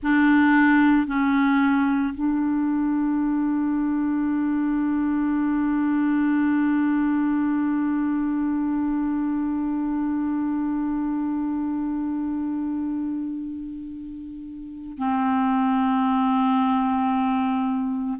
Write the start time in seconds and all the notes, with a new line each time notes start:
0.02 D4
1.07 C#4
2.14 D4
14.98 C4